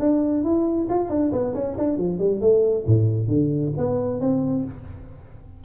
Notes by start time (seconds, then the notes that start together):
0.00 D4
0.44 E4
0.90 F4
1.10 D4
1.32 B3
1.55 C#4
1.78 D4
1.98 F3
2.19 G3
2.41 A3
2.87 A2
3.28 D3
3.78 B3
4.21 C4